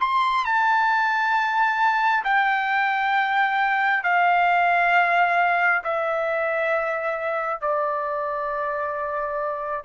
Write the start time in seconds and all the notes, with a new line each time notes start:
0.00 C6
0.45 A5
2.24 G5
4.03 F5
5.84 E5
7.61 D5